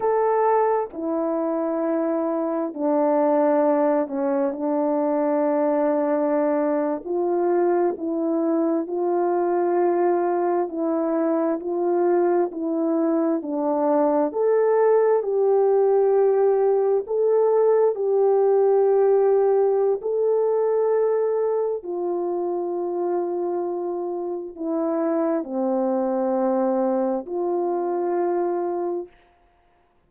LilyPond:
\new Staff \with { instrumentName = "horn" } { \time 4/4 \tempo 4 = 66 a'4 e'2 d'4~ | d'8 cis'8 d'2~ d'8. f'16~ | f'8. e'4 f'2 e'16~ | e'8. f'4 e'4 d'4 a'16~ |
a'8. g'2 a'4 g'16~ | g'2 a'2 | f'2. e'4 | c'2 f'2 | }